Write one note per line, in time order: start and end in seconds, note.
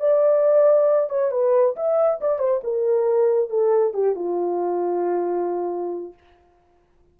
0.00 1.09 D5
1.09 1.31 C#5
1.31 1.75 B4
1.76 2.20 E5
2.21 2.39 D5
2.39 2.61 C5
2.64 3.50 A#4
3.50 3.94 A4
3.94 4.15 G4
4.15 6.13 F4